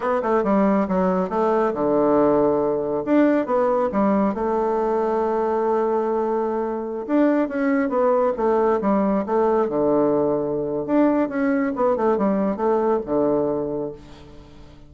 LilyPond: \new Staff \with { instrumentName = "bassoon" } { \time 4/4 \tempo 4 = 138 b8 a8 g4 fis4 a4 | d2. d'4 | b4 g4 a2~ | a1~ |
a16 d'4 cis'4 b4 a8.~ | a16 g4 a4 d4.~ d16~ | d4 d'4 cis'4 b8 a8 | g4 a4 d2 | }